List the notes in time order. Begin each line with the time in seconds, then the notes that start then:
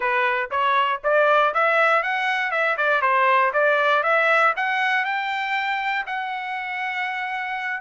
0.00 B4
0.50 C#5
1.03 D5
1.54 E5
2.02 F#5
2.51 E5
2.77 D5
3.01 C5
3.53 D5
4.03 E5
4.56 F#5
5.04 G5
6.06 F#5